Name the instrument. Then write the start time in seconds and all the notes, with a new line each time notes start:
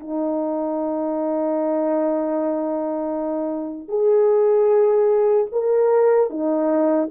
horn
0.00 D#4
3.89 G#4
5.52 A#4
6.30 D#4